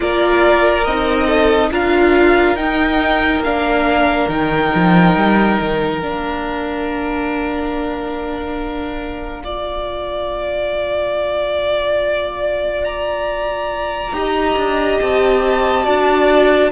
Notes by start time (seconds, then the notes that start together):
0.00 A#3 F4 A#4 D5
0.84 C4 D#4 D#5
1.26 A4
1.71 D4 F4 A#4 F5
2.55 D#4 G5
3.39 A#3 D4 F5
4.28 D#3 D#4 G5
4.74 F3
5.15 G3
5.60 D#3
6.00 A#3 D4 F5
9.43 F4 D5
12.84 A#5
14.12 D#4 G4 D#5
14.56 D4
14.99 C4 A5
15.83 D4 F#4 D5